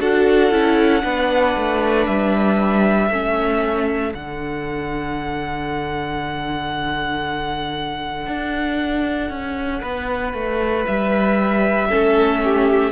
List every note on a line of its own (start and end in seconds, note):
0.00 0.51 D4
0.00 0.52 F#4
0.00 1.03 A4
0.00 2.06 F#5
0.51 1.03 C#4
0.51 1.02 E4
1.02 1.56 B3
1.02 3.09 D4
1.02 3.11 B4
1.56 2.07 A3
2.06 3.10 G3
2.06 4.13 E5
3.10 4.14 A3
3.10 4.12 C#4
3.10 9.81 A4
4.12 8.27 D3
4.12 11.88 D4
4.12 10.86 F#5
8.27 9.30 D4
9.30 9.82 C#4
9.81 10.34 B3
9.81 11.88 B4
10.34 10.85 A3
10.86 11.92 G3
10.86 12.92 E5
11.89 12.92 A3
11.89 12.92 C#4
11.89 12.41 A4
12.44 12.92 G4